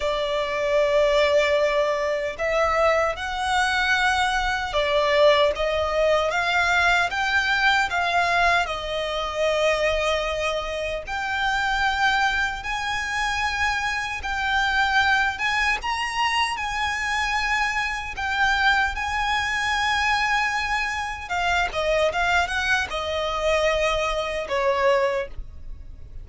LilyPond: \new Staff \with { instrumentName = "violin" } { \time 4/4 \tempo 4 = 76 d''2. e''4 | fis''2 d''4 dis''4 | f''4 g''4 f''4 dis''4~ | dis''2 g''2 |
gis''2 g''4. gis''8 | ais''4 gis''2 g''4 | gis''2. f''8 dis''8 | f''8 fis''8 dis''2 cis''4 | }